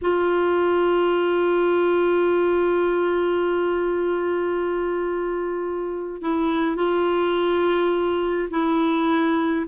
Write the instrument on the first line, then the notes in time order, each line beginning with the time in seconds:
clarinet
0.01 F4
6.21 E4
6.76 F4
8.50 E4